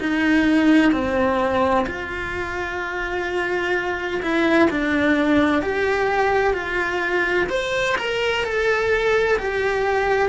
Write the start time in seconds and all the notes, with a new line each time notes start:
0.00 D#4
0.92 C4
1.87 F4
4.22 E4
4.70 D4
5.62 G4
6.54 F4
7.50 C5
7.98 A#4
8.45 A4
9.39 G4